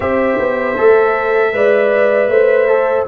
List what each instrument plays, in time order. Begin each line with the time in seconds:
0.00 tuba C4, trombone G4, horn C5, trumpet E5
0.38 tuba B3
0.77 tuba A3, trombone A4
1.53 tuba G#3, trombone B4, horn D5
2.27 tuba A3, horn C5
2.67 trombone A4